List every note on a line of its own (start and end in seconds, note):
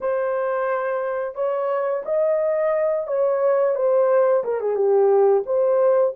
0.01 1.35 C5
1.35 2.03 C#5
2.05 3.07 D#5
3.07 3.75 C#5
3.75 4.43 C5
4.43 4.60 A#4
4.60 4.75 G#4
4.75 5.43 G4
5.45 6.14 C5